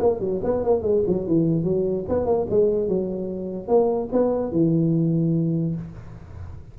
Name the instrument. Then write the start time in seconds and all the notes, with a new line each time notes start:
tuba
0.00 A#3
0.20 F#3
0.44 B3
0.64 A#3
0.83 G#3
1.07 F#3
1.27 E3
1.64 F#3
2.09 B3
2.26 A#3
2.50 G#3
2.89 F#3
3.68 A#3
4.13 B3
4.52 E3